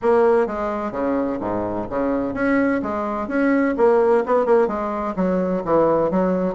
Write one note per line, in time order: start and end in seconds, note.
0.01 0.46 A#3
0.46 0.91 G#3
0.91 1.38 C#3
1.40 1.87 G#2
1.89 2.34 C#3
2.34 2.81 C#4
2.82 3.27 G#3
3.27 3.74 C#4
3.77 4.24 A#3
4.25 4.45 B3
4.45 4.67 A#3
4.67 5.14 G#3
5.15 5.62 F#3
5.64 6.10 E3
6.10 6.54 F#3